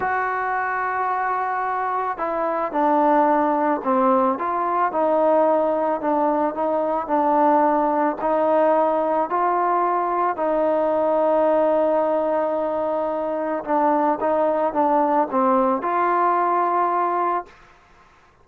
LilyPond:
\new Staff \with { instrumentName = "trombone" } { \time 4/4 \tempo 4 = 110 fis'1 | e'4 d'2 c'4 | f'4 dis'2 d'4 | dis'4 d'2 dis'4~ |
dis'4 f'2 dis'4~ | dis'1~ | dis'4 d'4 dis'4 d'4 | c'4 f'2. | }